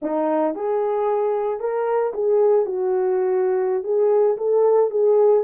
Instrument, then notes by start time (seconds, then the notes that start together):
horn
0.02 D#4
0.55 G#4
1.59 A#4
2.13 G#4
2.65 F#4
3.83 G#4
4.37 A4
4.90 G#4